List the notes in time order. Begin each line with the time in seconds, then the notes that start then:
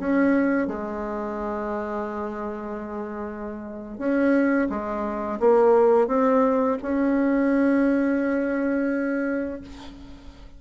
0.00 C#4
0.68 G#3
3.99 C#4
4.70 G#3
5.40 A#3
6.08 C4
6.82 C#4